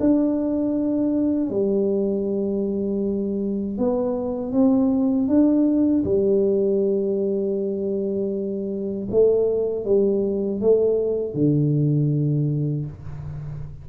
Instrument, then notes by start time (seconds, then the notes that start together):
tuba
0.00 D4
1.50 G3
3.78 B3
4.52 C4
5.28 D4
6.05 G3
9.11 A3
9.85 G3
10.61 A3
11.34 D3